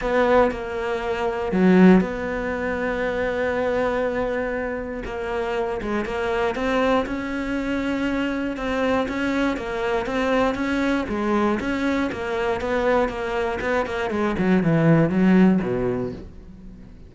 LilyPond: \new Staff \with { instrumentName = "cello" } { \time 4/4 \tempo 4 = 119 b4 ais2 fis4 | b1~ | b2 ais4. gis8 | ais4 c'4 cis'2~ |
cis'4 c'4 cis'4 ais4 | c'4 cis'4 gis4 cis'4 | ais4 b4 ais4 b8 ais8 | gis8 fis8 e4 fis4 b,4 | }